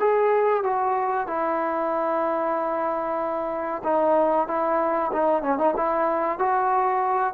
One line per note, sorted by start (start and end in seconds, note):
0.00 0.64 G#4
0.64 1.28 F#4
1.28 3.83 E4
3.84 4.48 D#4
4.48 5.12 E4
5.13 5.43 D#4
5.43 5.59 C#4
5.59 5.74 D#4
5.77 6.39 E4
6.39 7.34 F#4